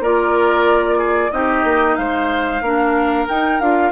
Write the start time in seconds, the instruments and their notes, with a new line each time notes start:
0.00 bassoon A#3, clarinet F4, oboe A#4, flute D5
0.98 oboe G#4
1.31 bassoon C4, clarinet D#4, oboe G4, flute D#5
1.64 bassoon A#3
1.96 bassoon G#3, oboe C5, flute F5
2.61 bassoon A#3, clarinet D4, oboe A#4
3.28 clarinet D#4, bassoon D#4, flute G5
3.60 bassoon D4, clarinet F4, flute F5